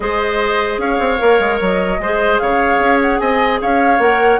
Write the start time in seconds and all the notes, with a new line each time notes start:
0.00 G#3 G#4 C5 D#5
0.78 C#4 C#5 F5
0.99 C4
1.18 A#3 A#4
1.39 G#3
1.60 F#3 D#5
1.99 G#3 G#4 C5
2.38 C#3 C#5 F5
2.79 C#4
3.01 F#5
3.19 C4 D#5 G#5
3.61 C#4 C#5 F5
3.99 A#3 A#4 F#5